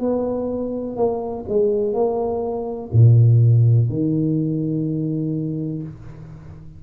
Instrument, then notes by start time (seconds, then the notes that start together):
tuba
0.00 B3
0.96 A#3
1.48 G#3
1.94 A#3
2.92 A#2
3.89 D#3